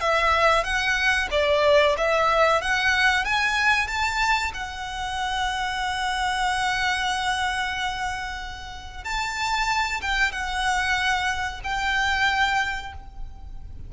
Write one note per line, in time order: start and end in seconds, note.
0.00 0.63 E5
0.63 1.28 F#5
1.31 1.95 D5
1.97 2.61 E5
2.61 3.24 F#5
3.24 3.87 G#5
3.87 4.51 A5
4.53 9.04 F#5
9.04 10.01 A5
10.01 10.31 G5
10.31 11.60 F#5
11.63 12.92 G5